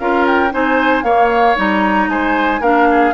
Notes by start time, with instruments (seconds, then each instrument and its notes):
0.00 bassoon C#4, clarinet F4, oboe A#4, flute F5
0.27 flute G5
0.51 bassoon C4, clarinet D#4, oboe C5, flute G#5
1.04 bassoon A#3, clarinet A#3, oboe C#5, flute F5
1.56 bassoon G3, clarinet D#4, flute A#5
2.08 bassoon G#3, oboe C5, flute G#5
2.61 bassoon A#3, clarinet D4, oboe A#4, flute F5
2.91 oboe G#4